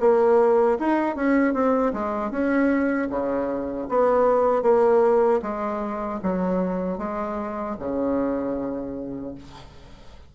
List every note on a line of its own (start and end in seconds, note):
0.00 0.78 A#3
0.79 1.16 D#4
1.16 1.54 C#4
1.54 1.93 C4
1.93 2.31 G#3
2.31 3.09 C#4
3.10 3.88 C#3
3.89 4.63 B3
4.63 5.40 A#3
5.42 6.20 G#3
6.23 6.98 F#3
6.98 7.76 G#3
7.79 9.35 C#3